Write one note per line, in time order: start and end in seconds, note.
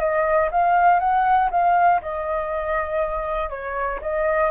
0.00 0.50 D#5
0.52 1.00 F5
1.00 1.50 F#5
1.51 2.01 F5
2.02 3.50 D#5
3.50 4.00 C#5
4.02 4.51 D#5